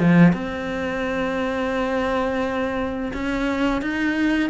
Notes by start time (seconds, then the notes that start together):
0.00 F3
0.33 C4
3.14 C#4
3.82 D#4